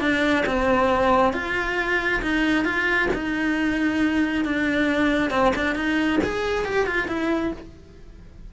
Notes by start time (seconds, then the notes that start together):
0.00 D4
0.46 C4
1.33 F4
2.22 D#4
2.65 F4
3.13 D#4
4.45 D4
5.30 C4
5.56 D4
5.75 D#4
6.23 G#4
6.65 G4
6.86 F4
7.08 E4